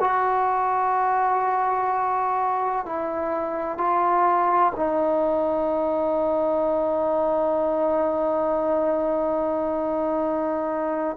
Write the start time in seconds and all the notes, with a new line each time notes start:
0.00 F#4
2.86 E4
3.77 F4
4.76 D#4